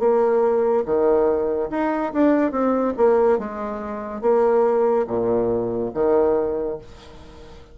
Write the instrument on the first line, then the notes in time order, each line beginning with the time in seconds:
bassoon
0.00 A#3
0.86 D#3
1.71 D#4
2.14 D4
2.52 C4
2.98 A#3
3.39 G#3
4.22 A#3
5.07 A#2
5.94 D#3